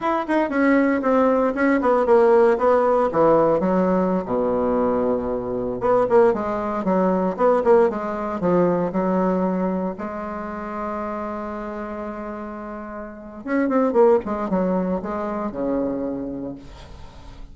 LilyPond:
\new Staff \with { instrumentName = "bassoon" } { \time 4/4 \tempo 4 = 116 e'8 dis'8 cis'4 c'4 cis'8 b8 | ais4 b4 e4 fis4~ | fis16 b,2. b8 ais16~ | ais16 gis4 fis4 b8 ais8 gis8.~ |
gis16 f4 fis2 gis8.~ | gis1~ | gis2 cis'8 c'8 ais8 gis8 | fis4 gis4 cis2 | }